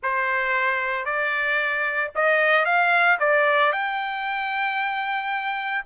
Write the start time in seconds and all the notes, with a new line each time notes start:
0.02 C5
1.05 D5
2.15 D#5
2.65 F5
3.19 D5
3.72 G5